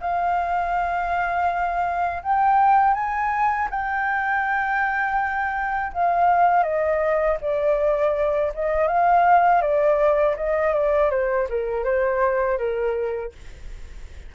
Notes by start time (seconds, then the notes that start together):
0.00 F5
2.22 G5
2.94 G#5
3.70 G5
5.93 F5
6.63 D#5
7.41 D5
8.54 D#5
8.87 F5
9.61 D5
10.36 D#5
10.73 D5
11.10 C5
11.49 A#4
11.84 C5
12.58 A#4